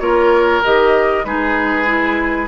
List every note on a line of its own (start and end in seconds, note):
0.00 0.62 A#3
0.00 0.63 F4
0.00 1.26 A#4
0.00 0.62 C#5
0.64 1.25 D#3
0.64 1.25 G4
0.64 1.24 D#5
1.24 2.48 G#3
1.24 1.85 D#4
1.24 2.48 G#4
1.24 2.48 B4
1.85 2.47 E4